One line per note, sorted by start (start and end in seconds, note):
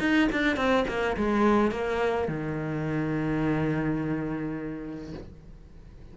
0.00 0.29 D#4
0.32 0.57 D4
0.57 0.85 C4
0.88 1.17 A#3
1.17 1.72 G#3
1.72 2.28 A#3
2.28 5.14 D#3